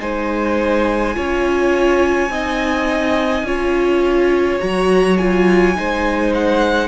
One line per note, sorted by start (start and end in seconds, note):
0.00 1.17 G#3
0.00 1.14 D#4
0.00 1.16 C5
0.00 4.61 G#5
1.14 2.29 C#4
1.14 2.30 F4
1.14 2.32 C#5
2.29 3.44 C4
2.29 3.46 D#4
2.29 3.46 D#5
3.44 4.59 C#4
3.44 4.60 F4
3.44 5.77 C#5
4.60 5.78 F#3
4.60 5.18 F#4
4.60 5.18 A#5
5.18 5.76 F4
5.18 6.33 G#5
5.76 6.89 G#3
5.76 6.89 D#4
5.76 6.89 C5
6.35 6.89 F#5